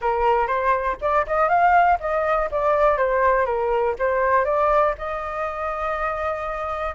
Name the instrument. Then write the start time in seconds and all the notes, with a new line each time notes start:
flute
0.01 A#4
0.47 C5
1.01 D5
1.26 D#5
1.49 F5
2.00 D#5
2.51 D5
2.97 C5
3.45 A#4
3.98 C5
4.44 D5
4.97 D#5